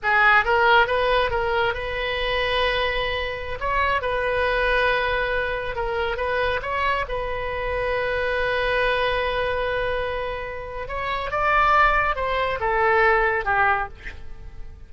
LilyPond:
\new Staff \with { instrumentName = "oboe" } { \time 4/4 \tempo 4 = 138 gis'4 ais'4 b'4 ais'4 | b'1~ | b'16 cis''4 b'2~ b'8.~ | b'4~ b'16 ais'4 b'4 cis''8.~ |
cis''16 b'2.~ b'8.~ | b'1~ | b'4 cis''4 d''2 | c''4 a'2 g'4 | }